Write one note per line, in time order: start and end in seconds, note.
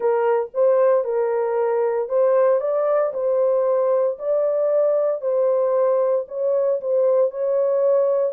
0.00 0.50 A#4
0.54 1.04 C5
1.04 2.08 A#4
2.08 2.60 C5
2.60 3.12 D5
3.13 4.17 C5
4.19 5.21 D5
5.21 6.25 C5
6.28 6.80 C#5
6.81 7.30 C5
7.30 8.32 C#5